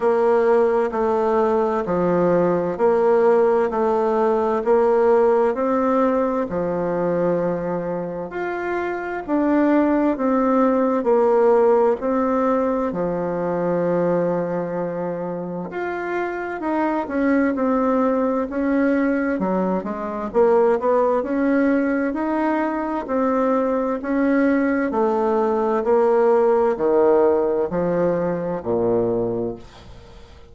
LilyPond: \new Staff \with { instrumentName = "bassoon" } { \time 4/4 \tempo 4 = 65 ais4 a4 f4 ais4 | a4 ais4 c'4 f4~ | f4 f'4 d'4 c'4 | ais4 c'4 f2~ |
f4 f'4 dis'8 cis'8 c'4 | cis'4 fis8 gis8 ais8 b8 cis'4 | dis'4 c'4 cis'4 a4 | ais4 dis4 f4 ais,4 | }